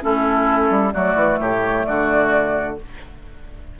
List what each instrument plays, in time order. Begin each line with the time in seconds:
0.00 bassoon A3, clarinet C#4, oboe E4, flute A4
0.70 bassoon G3
0.92 bassoon F#3, clarinet A3, oboe F#4, flute D5
1.15 bassoon E3
1.39 bassoon A2, oboe G4, flute C#5
1.85 bassoon D3, oboe F#4, flute D5